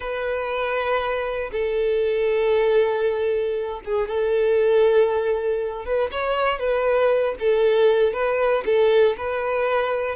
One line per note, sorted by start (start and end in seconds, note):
0.00 1.50 B4
1.51 3.80 A4
3.85 4.08 G#4
4.08 5.85 A4
5.85 6.10 B4
6.11 6.59 C#5
6.59 7.35 B4
7.39 8.13 A4
8.13 8.63 B4
8.65 9.16 A4
9.17 10.15 B4